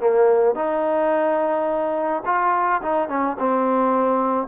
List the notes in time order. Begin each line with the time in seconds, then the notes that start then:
0.00 A#3
0.55 D#4
2.26 F4
2.82 D#4
3.09 C#4
3.39 C4